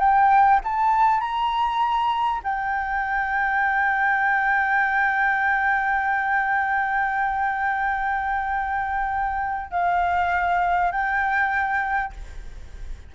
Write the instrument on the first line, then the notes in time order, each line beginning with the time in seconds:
flute
0.00 G5
0.64 A5
1.20 A#5
2.44 G5
9.71 F5
10.92 G5